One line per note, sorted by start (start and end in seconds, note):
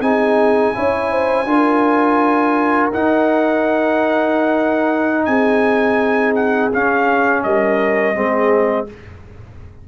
0.00 0.72 C4
0.00 0.74 D#4
0.00 0.75 G#4
0.00 2.90 G#5
0.74 1.45 C#4
0.74 1.46 E4
0.74 1.11 C#5
1.11 1.47 C5
1.45 2.90 D4
1.45 2.92 F4
1.45 5.27 A#4
2.92 6.72 D#4
2.92 5.27 D#4
2.92 5.25 F#5
5.25 6.71 C4
5.25 7.44 G#4
5.25 6.33 G#5
6.35 6.71 F#5
6.72 8.14 C#4
6.72 7.44 C#4
6.72 7.43 F5
7.43 8.16 G3
7.43 8.16 A#4
7.43 8.87 D#5
8.14 8.88 G#3
8.14 8.87 C4
8.14 8.88 G#4